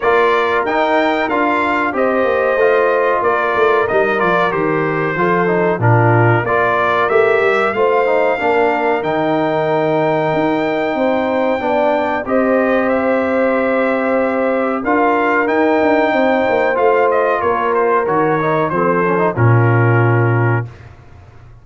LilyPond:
<<
  \new Staff \with { instrumentName = "trumpet" } { \time 4/4 \tempo 4 = 93 d''4 g''4 f''4 dis''4~ | dis''4 d''4 dis''8 d''8 c''4~ | c''4 ais'4 d''4 e''4 | f''2 g''2~ |
g''2. dis''4 | e''2. f''4 | g''2 f''8 dis''8 cis''8 c''8 | cis''4 c''4 ais'2 | }
  \new Staff \with { instrumentName = "horn" } { \time 4/4 ais'2. c''4~ | c''4 ais'2. | a'4 f'4 ais'2 | c''4 ais'2.~ |
ais'4 c''4 d''4 c''4~ | c''2. ais'4~ | ais'4 c''2 ais'4~ | ais'4 a'4 f'2 | }
  \new Staff \with { instrumentName = "trombone" } { \time 4/4 f'4 dis'4 f'4 g'4 | f'2 dis'8 f'8 g'4 | f'8 dis'8 d'4 f'4 g'4 | f'8 dis'8 d'4 dis'2~ |
dis'2 d'4 g'4~ | g'2. f'4 | dis'2 f'2 | fis'8 dis'8 c'8 cis'16 dis'16 cis'2 | }
  \new Staff \with { instrumentName = "tuba" } { \time 4/4 ais4 dis'4 d'4 c'8 ais8 | a4 ais8 a8 g8 f8 dis4 | f4 ais,4 ais4 a8 g8 | a4 ais4 dis2 |
dis'4 c'4 b4 c'4~ | c'2. d'4 | dis'8 d'8 c'8 ais8 a4 ais4 | dis4 f4 ais,2 | }
>>